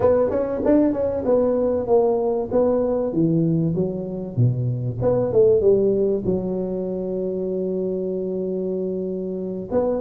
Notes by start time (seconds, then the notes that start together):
0.00 B3
0.30 C#4
0.64 D4
0.92 C#4
1.25 B3
1.86 A#3
2.51 B3
3.12 E3
3.74 F#3
4.36 B2
5.01 B3
5.32 A3
5.61 G3
6.25 F#3
9.71 B3